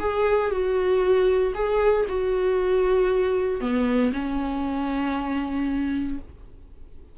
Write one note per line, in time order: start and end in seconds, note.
0.00 0.51 G#4
0.51 1.54 F#4
1.55 2.06 G#4
2.09 3.61 F#4
3.61 4.12 B3
4.13 6.18 C#4